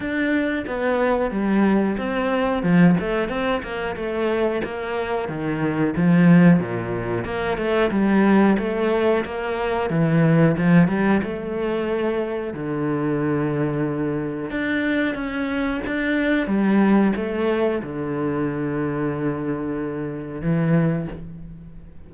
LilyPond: \new Staff \with { instrumentName = "cello" } { \time 4/4 \tempo 4 = 91 d'4 b4 g4 c'4 | f8 a8 c'8 ais8 a4 ais4 | dis4 f4 ais,4 ais8 a8 | g4 a4 ais4 e4 |
f8 g8 a2 d4~ | d2 d'4 cis'4 | d'4 g4 a4 d4~ | d2. e4 | }